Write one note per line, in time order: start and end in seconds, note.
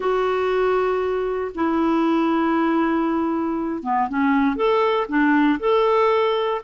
0.00 1.51 F#4
1.54 3.83 E4
3.83 4.08 B3
4.08 4.56 C#4
4.56 5.06 A4
5.08 5.59 D4
5.59 6.61 A4